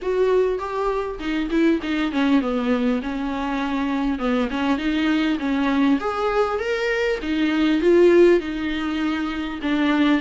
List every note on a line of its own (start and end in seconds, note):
0.01 0.58 F#4
0.58 1.18 G4
1.19 1.49 D#4
1.50 1.80 E4
1.82 2.12 D#4
2.12 2.41 C#4
2.41 3.01 B3
3.02 4.18 C#4
4.18 4.48 B3
4.50 4.78 C#4
4.78 5.38 D#4
5.39 5.99 C#4
6.00 6.59 G#4
6.59 7.19 A#4
7.21 7.81 D#4
7.81 8.40 F4
8.40 9.60 D#4
9.62 10.21 D4